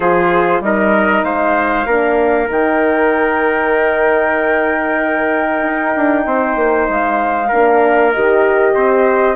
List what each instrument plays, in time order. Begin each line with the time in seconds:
0.00 bassoon F3, horn F4, trumpet G#4, flute C5
0.60 bassoon G3, horn D#4, trumpet A#4, flute D#5
1.23 bassoon G#3, trumpet C5, flute F5
1.86 bassoon A#3, horn D4, trumpet A#4
2.48 bassoon D#3, horn D#4, flute G5
5.62 bassoon D#4
5.95 bassoon D4
6.26 bassoon C4, trumpet C5
6.55 bassoon A#3
6.89 bassoon G#3, flute F5
7.48 bassoon A#3, horn D4, trumpet A#4
8.12 bassoon D#3, horn G4, flute D#5
8.74 bassoon C4, trumpet C5